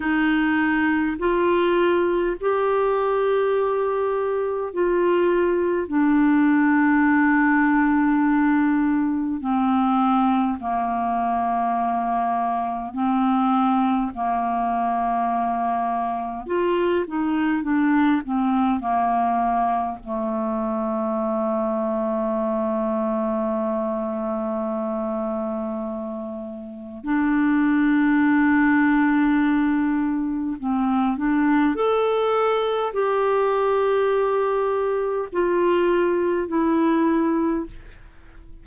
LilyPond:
\new Staff \with { instrumentName = "clarinet" } { \time 4/4 \tempo 4 = 51 dis'4 f'4 g'2 | f'4 d'2. | c'4 ais2 c'4 | ais2 f'8 dis'8 d'8 c'8 |
ais4 a2.~ | a2. d'4~ | d'2 c'8 d'8 a'4 | g'2 f'4 e'4 | }